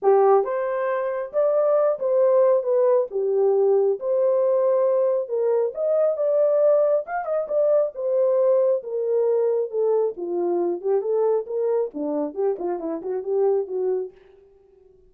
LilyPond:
\new Staff \with { instrumentName = "horn" } { \time 4/4 \tempo 4 = 136 g'4 c''2 d''4~ | d''8 c''4. b'4 g'4~ | g'4 c''2. | ais'4 dis''4 d''2 |
f''8 dis''8 d''4 c''2 | ais'2 a'4 f'4~ | f'8 g'8 a'4 ais'4 d'4 | g'8 f'8 e'8 fis'8 g'4 fis'4 | }